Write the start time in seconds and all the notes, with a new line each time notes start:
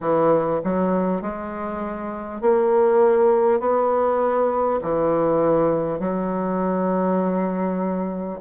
0.00 E3
0.64 F#3
1.21 G#3
2.41 A#3
3.59 B3
4.82 E3
5.99 F#3